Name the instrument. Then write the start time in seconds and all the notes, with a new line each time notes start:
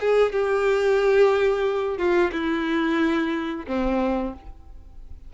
violin
0.00 G#4
0.32 G4
1.98 F4
2.32 E4
3.67 C4